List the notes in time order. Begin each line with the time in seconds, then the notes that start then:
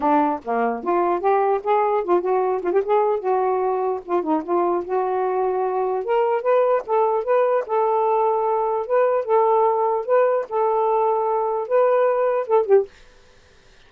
0.00 D4
0.44 A#3
0.83 F4
1.20 G4
1.63 G#4
2.04 F4
2.21 F#4
2.62 F4
2.72 G4
2.84 G#4
3.19 F#4
4.05 F4
4.22 D#4
4.43 F4
4.84 F#4
6.04 A#4
6.42 B4
6.86 A4
7.24 B4
7.66 A4
8.86 B4
9.25 A4
10.05 B4
10.49 A4
11.68 B4
12.47 A4
12.66 G4